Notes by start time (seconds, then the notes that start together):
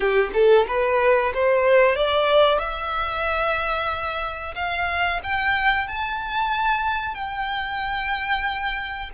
0.00 G4
0.33 A4
0.67 B4
1.33 C5
1.95 D5
2.58 E5
4.55 F5
5.23 G5
5.87 A5
7.14 G5